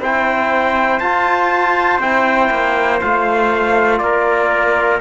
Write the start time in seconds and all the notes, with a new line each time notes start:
0.00 C4 E4 C5 G5
1.00 F4 A5
1.99 C4 E4 G5
2.51 A#3
3.01 A3 F4 F5
3.99 A#3 A#4 D5